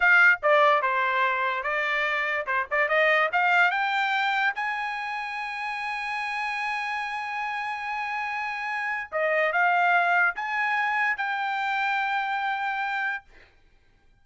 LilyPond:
\new Staff \with { instrumentName = "trumpet" } { \time 4/4 \tempo 4 = 145 f''4 d''4 c''2 | d''2 c''8 d''8 dis''4 | f''4 g''2 gis''4~ | gis''1~ |
gis''1~ | gis''2 dis''4 f''4~ | f''4 gis''2 g''4~ | g''1 | }